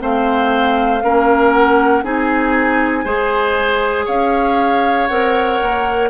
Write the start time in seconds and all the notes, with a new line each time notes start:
0.00 A3 C4 C5 F5
1.04 A#3 C#4 A#4
1.53 F#5
2.04 C4 D#4 G#4 G#5
3.05 G#3 G#4 C5
4.06 C#4 C#5 F5
5.08 C4 A#4 F#5
5.62 A#3